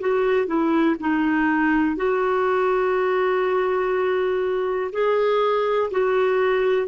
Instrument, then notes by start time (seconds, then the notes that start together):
clarinet
0.00 F#4
0.46 E4
1.00 D#4
1.96 F#4
4.93 G#4
5.91 F#4